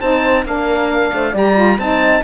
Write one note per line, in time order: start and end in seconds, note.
0.00 0.45 C4
0.00 0.45 D#4
0.00 0.45 C5
0.00 0.44 A5
0.45 1.12 A#3
0.45 1.34 D4
0.45 1.14 A#4
0.45 1.36 F5
1.13 1.34 A3
1.13 1.31 C5
1.31 1.78 G3
1.31 1.55 G4
1.31 1.76 D5
1.37 1.79 A#5
1.55 1.77 F4
1.78 2.22 C4
1.78 2.24 D#4
1.78 2.24 D#5
1.78 2.24 A5